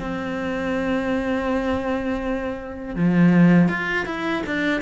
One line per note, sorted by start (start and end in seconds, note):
0.00 2.96 C4
2.96 3.69 F3
3.69 4.06 F4
4.06 4.43 E4
4.47 4.82 D4